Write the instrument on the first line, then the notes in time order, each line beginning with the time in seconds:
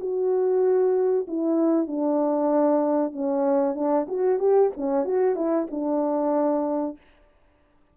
horn
0.00 F#4
1.28 E4
1.87 D4
3.12 C#4
3.75 D4
4.08 F#4
4.40 G4
4.77 C#4
5.05 F#4
5.36 E4
5.71 D4